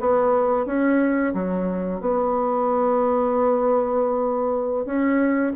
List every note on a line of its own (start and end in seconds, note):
0.00 0.66 B3
0.66 1.34 C#4
1.34 2.01 F#3
2.01 4.85 B3
4.85 5.53 C#4